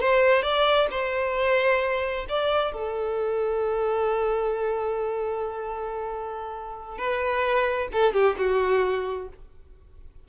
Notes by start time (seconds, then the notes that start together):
0.00 C5
0.42 D5
0.91 C5
2.29 D5
2.72 A4
6.98 B4
7.92 A4
8.13 G4
8.38 F#4